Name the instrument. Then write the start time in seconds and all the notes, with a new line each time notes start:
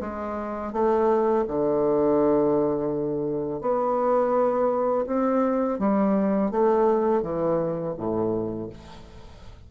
bassoon
0.00 G#3
0.72 A3
1.48 D3
3.60 B3
5.07 C4
5.79 G3
6.51 A3
7.22 E3
7.97 A2